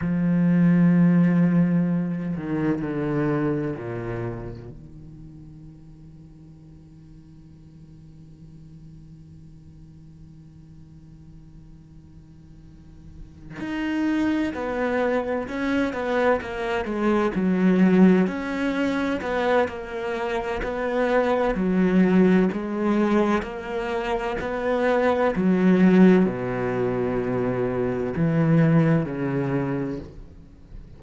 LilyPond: \new Staff \with { instrumentName = "cello" } { \time 4/4 \tempo 4 = 64 f2~ f8 dis8 d4 | ais,4 dis2.~ | dis1~ | dis2~ dis8 dis'4 b8~ |
b8 cis'8 b8 ais8 gis8 fis4 cis'8~ | cis'8 b8 ais4 b4 fis4 | gis4 ais4 b4 fis4 | b,2 e4 cis4 | }